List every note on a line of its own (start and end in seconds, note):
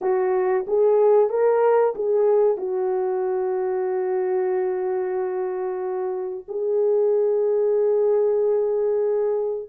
0.01 0.65 F#4
0.67 1.29 G#4
1.29 1.94 A#4
1.95 2.57 G#4
2.57 6.44 F#4
6.48 9.69 G#4